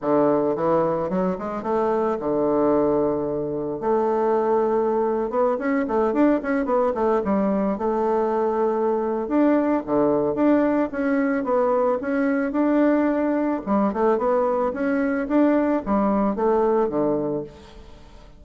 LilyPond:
\new Staff \with { instrumentName = "bassoon" } { \time 4/4 \tempo 4 = 110 d4 e4 fis8 gis8 a4 | d2. a4~ | a4.~ a16 b8 cis'8 a8 d'8 cis'16~ | cis'16 b8 a8 g4 a4.~ a16~ |
a4 d'4 d4 d'4 | cis'4 b4 cis'4 d'4~ | d'4 g8 a8 b4 cis'4 | d'4 g4 a4 d4 | }